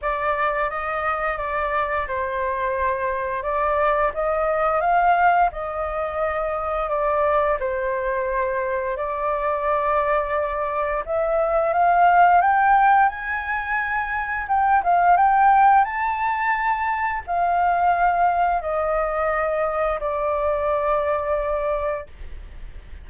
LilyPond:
\new Staff \with { instrumentName = "flute" } { \time 4/4 \tempo 4 = 87 d''4 dis''4 d''4 c''4~ | c''4 d''4 dis''4 f''4 | dis''2 d''4 c''4~ | c''4 d''2. |
e''4 f''4 g''4 gis''4~ | gis''4 g''8 f''8 g''4 a''4~ | a''4 f''2 dis''4~ | dis''4 d''2. | }